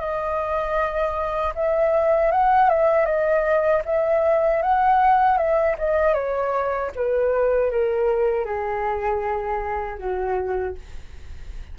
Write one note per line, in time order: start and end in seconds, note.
0.00 1.54 D#5
1.55 2.32 E5
2.32 2.70 F#5
2.70 3.06 E5
3.06 3.83 D#5
3.85 4.62 E5
4.63 5.38 F#5
5.38 5.76 E5
5.78 6.14 D#5
6.14 6.91 C#5
6.95 7.71 B4
7.71 8.46 A#4
8.46 9.99 G#4
9.99 10.76 F#4